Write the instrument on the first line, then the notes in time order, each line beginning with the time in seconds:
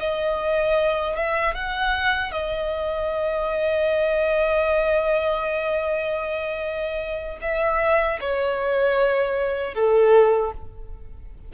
violin
0.00 D#5
1.16 E5
1.55 F#5
2.32 D#5
7.41 E5
8.21 C#5
9.74 A4